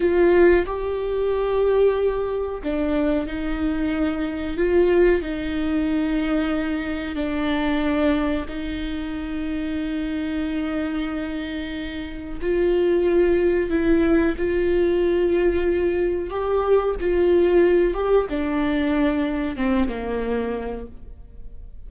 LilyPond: \new Staff \with { instrumentName = "viola" } { \time 4/4 \tempo 4 = 92 f'4 g'2. | d'4 dis'2 f'4 | dis'2. d'4~ | d'4 dis'2.~ |
dis'2. f'4~ | f'4 e'4 f'2~ | f'4 g'4 f'4. g'8 | d'2 c'8 ais4. | }